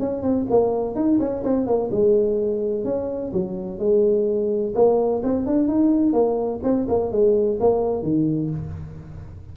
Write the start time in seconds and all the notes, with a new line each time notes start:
0.00 C#4
0.23 C4
0.50 A#3
0.95 D#4
1.20 C#4
1.44 C4
1.67 A#3
1.92 G#3
2.85 C#4
3.33 F#3
3.79 G#3
4.75 A#3
5.24 C4
5.47 D4
5.68 D#4
6.13 A#3
6.64 C4
6.89 A#3
7.12 G#3
7.60 A#3
8.03 D#3